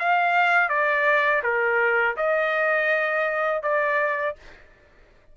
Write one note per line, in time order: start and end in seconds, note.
0.00 0.70 F5
0.70 1.43 D5
1.43 2.17 A#4
2.17 3.63 D#5
3.63 4.36 D5